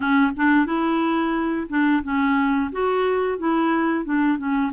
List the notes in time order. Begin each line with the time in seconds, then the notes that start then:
0.00 C#4
0.36 D4
0.66 E4
1.69 D4
2.03 C#4
2.72 F#4
3.38 E4
4.04 D4
4.38 C#4